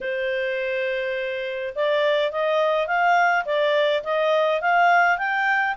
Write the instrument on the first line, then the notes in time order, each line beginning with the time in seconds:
clarinet
0.00 C5
1.75 D5
2.31 D#5
2.87 F5
3.45 D5
4.03 D#5
4.61 F5
5.18 G5